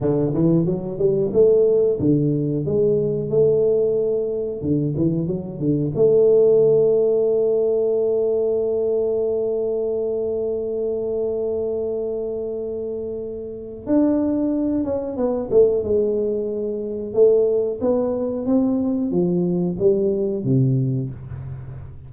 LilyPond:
\new Staff \with { instrumentName = "tuba" } { \time 4/4 \tempo 4 = 91 d8 e8 fis8 g8 a4 d4 | gis4 a2 d8 e8 | fis8 d8 a2.~ | a1~ |
a1~ | a4 d'4. cis'8 b8 a8 | gis2 a4 b4 | c'4 f4 g4 c4 | }